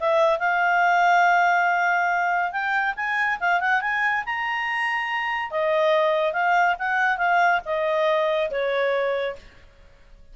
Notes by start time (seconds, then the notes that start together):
0.00 E5
0.39 F5
2.52 G5
2.96 G#5
3.40 F5
3.61 F#5
3.82 G#5
4.26 A#5
5.51 D#5
6.33 F5
6.79 F#5
7.18 F5
7.65 D#5
8.51 C#5